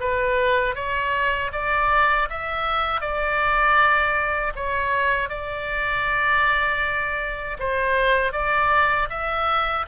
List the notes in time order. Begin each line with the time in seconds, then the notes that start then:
0.00 B4
0.75 C#5
1.53 D5
2.30 E5
3.01 D5
4.56 C#5
5.30 D5
7.59 C5
8.32 D5
9.10 E5